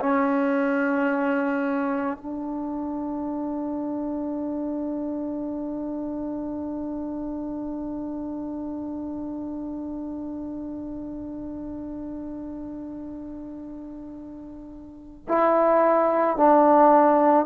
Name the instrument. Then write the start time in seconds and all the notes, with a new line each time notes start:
trombone
0.00 C#4
2.17 D4
15.28 E4
16.37 D4